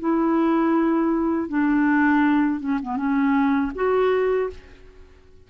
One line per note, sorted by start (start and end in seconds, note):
0.00 1.49 E4
1.49 2.60 D4
2.60 2.79 C#4
2.82 2.97 B3
2.97 3.72 C#4
3.75 4.50 F#4